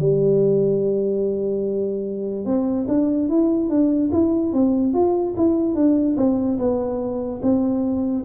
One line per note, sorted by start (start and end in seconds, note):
0.00 2.45 G3
2.45 2.87 C4
2.88 3.29 D4
3.29 3.69 E4
3.69 4.11 D4
4.12 4.53 E4
4.53 4.94 C4
4.94 5.35 F4
5.37 5.75 E4
5.75 6.16 D4
6.17 6.58 C4
6.59 7.41 B3
7.43 8.25 C4